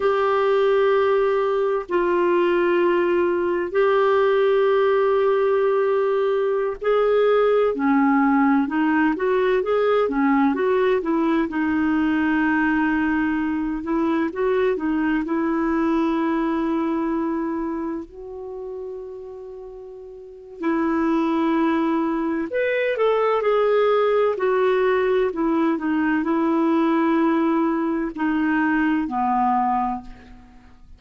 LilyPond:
\new Staff \with { instrumentName = "clarinet" } { \time 4/4 \tempo 4 = 64 g'2 f'2 | g'2.~ g'16 gis'8.~ | gis'16 cis'4 dis'8 fis'8 gis'8 cis'8 fis'8 e'16~ | e'16 dis'2~ dis'8 e'8 fis'8 dis'16~ |
dis'16 e'2. fis'8.~ | fis'2 e'2 | b'8 a'8 gis'4 fis'4 e'8 dis'8 | e'2 dis'4 b4 | }